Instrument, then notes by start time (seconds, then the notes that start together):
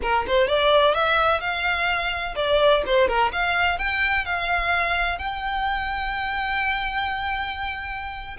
violin
0.02 A#4
0.27 C5
0.47 D5
0.94 E5
1.40 F5
2.35 D5
2.86 C5
3.08 A#4
3.32 F5
3.78 G5
4.25 F5
5.18 G5